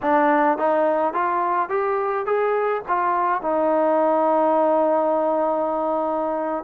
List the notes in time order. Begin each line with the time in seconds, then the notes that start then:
0.02 D4
0.58 D#4
1.13 F4
1.69 G4
2.26 G#4
2.88 F4
3.41 D#4